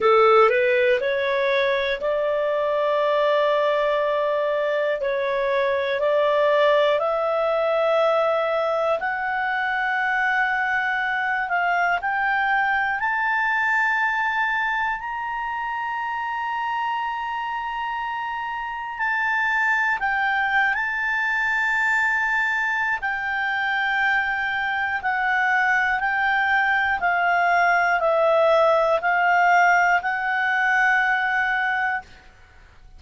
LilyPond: \new Staff \with { instrumentName = "clarinet" } { \time 4/4 \tempo 4 = 60 a'8 b'8 cis''4 d''2~ | d''4 cis''4 d''4 e''4~ | e''4 fis''2~ fis''8 f''8 | g''4 a''2 ais''4~ |
ais''2. a''4 | g''8. a''2~ a''16 g''4~ | g''4 fis''4 g''4 f''4 | e''4 f''4 fis''2 | }